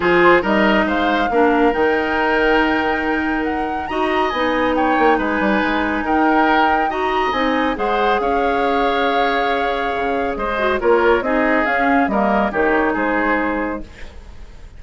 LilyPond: <<
  \new Staff \with { instrumentName = "flute" } { \time 4/4 \tempo 4 = 139 c''4 dis''4 f''2 | g''1 | fis''4 ais''4 gis''4 g''4 | gis''2 g''2 |
ais''4 gis''4 fis''4 f''4~ | f''1 | dis''4 cis''4 dis''4 f''4 | dis''4 cis''4 c''2 | }
  \new Staff \with { instrumentName = "oboe" } { \time 4/4 gis'4 ais'4 c''4 ais'4~ | ais'1~ | ais'4 dis''2 cis''4 | b'2 ais'2 |
dis''2 c''4 cis''4~ | cis''1 | c''4 ais'4 gis'2 | ais'4 g'4 gis'2 | }
  \new Staff \with { instrumentName = "clarinet" } { \time 4/4 f'4 dis'2 d'4 | dis'1~ | dis'4 fis'4 dis'2~ | dis'1 |
fis'4 dis'4 gis'2~ | gis'1~ | gis'8 fis'8 f'4 dis'4 cis'4 | ais4 dis'2. | }
  \new Staff \with { instrumentName = "bassoon" } { \time 4/4 f4 g4 gis4 ais4 | dis1~ | dis4 dis'4 b4. ais8 | gis8 g8 gis4 dis'2~ |
dis'4 c'4 gis4 cis'4~ | cis'2. cis4 | gis4 ais4 c'4 cis'4 | g4 dis4 gis2 | }
>>